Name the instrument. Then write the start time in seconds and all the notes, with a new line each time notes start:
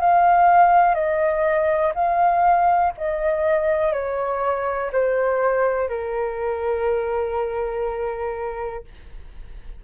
flute
0.00 F5
0.95 D#5
1.95 F5
2.98 D#5
3.93 C#5
4.92 C5
5.89 A#4